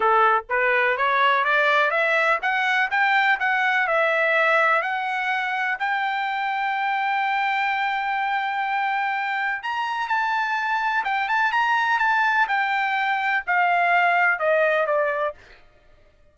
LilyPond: \new Staff \with { instrumentName = "trumpet" } { \time 4/4 \tempo 4 = 125 a'4 b'4 cis''4 d''4 | e''4 fis''4 g''4 fis''4 | e''2 fis''2 | g''1~ |
g''1 | ais''4 a''2 g''8 a''8 | ais''4 a''4 g''2 | f''2 dis''4 d''4 | }